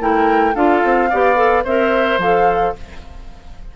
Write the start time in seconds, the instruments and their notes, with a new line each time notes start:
0.00 bassoon A3, clarinet E4, oboe A#4, flute G5
0.54 bassoon D4, clarinet F4, oboe A4, flute F5
0.84 bassoon C4
1.10 bassoon B3, clarinet G4, oboe D5
1.35 clarinet A4
1.64 bassoon C4, clarinet A#4, oboe C5, flute E5
2.18 bassoon F3, clarinet A4, flute F5